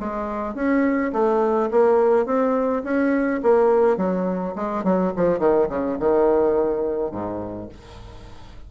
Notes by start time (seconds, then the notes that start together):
0.00 G#3
0.55 C#4
1.13 A3
1.71 A#3
2.26 C4
2.84 C#4
3.43 A#3
3.97 F#3
4.56 G#3
4.84 F#3
5.16 F3
5.39 D#3
5.69 C#3
6.00 D#3
7.12 G#2